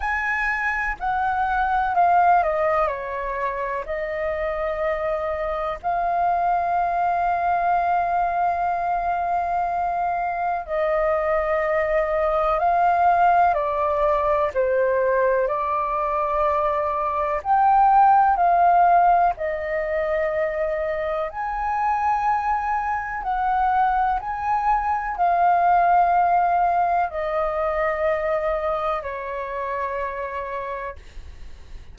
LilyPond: \new Staff \with { instrumentName = "flute" } { \time 4/4 \tempo 4 = 62 gis''4 fis''4 f''8 dis''8 cis''4 | dis''2 f''2~ | f''2. dis''4~ | dis''4 f''4 d''4 c''4 |
d''2 g''4 f''4 | dis''2 gis''2 | fis''4 gis''4 f''2 | dis''2 cis''2 | }